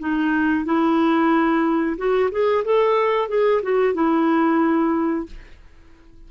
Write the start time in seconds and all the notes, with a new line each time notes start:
0.00 D#4
0.65 E4
1.98 F#4
2.32 G#4
2.65 A4
3.29 G#4
3.63 F#4
3.95 E4